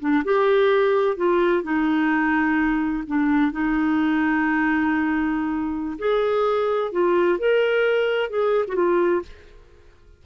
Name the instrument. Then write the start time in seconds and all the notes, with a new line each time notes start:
clarinet
0.00 D4
0.24 G4
1.16 F4
1.63 D#4
3.07 D4
3.52 D#4
5.99 G#4
6.92 F4
7.38 A#4
8.30 G#4
8.68 F#4
8.75 F4